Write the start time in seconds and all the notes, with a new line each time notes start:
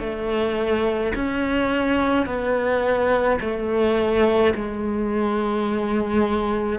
0.00 A3
1.16 C#4
2.26 B3
3.41 A3
4.55 G#3